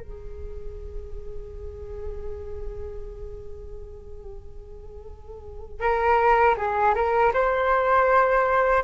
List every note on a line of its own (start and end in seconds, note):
0.00 5.80 G#4
5.80 6.55 A#4
6.57 6.94 G#4
6.95 7.32 A#4
7.33 8.83 C5